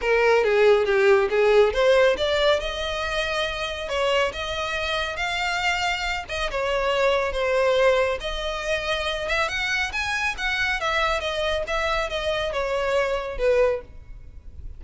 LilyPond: \new Staff \with { instrumentName = "violin" } { \time 4/4 \tempo 4 = 139 ais'4 gis'4 g'4 gis'4 | c''4 d''4 dis''2~ | dis''4 cis''4 dis''2 | f''2~ f''8 dis''8 cis''4~ |
cis''4 c''2 dis''4~ | dis''4. e''8 fis''4 gis''4 | fis''4 e''4 dis''4 e''4 | dis''4 cis''2 b'4 | }